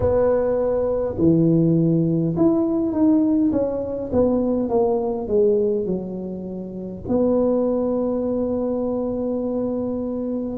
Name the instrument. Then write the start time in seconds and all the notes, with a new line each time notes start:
tuba
0.00 B3
1.18 E3
2.36 E4
2.92 D#4
3.52 C#4
4.12 B3
4.68 A#3
5.27 G#3
5.86 F#3
7.07 B3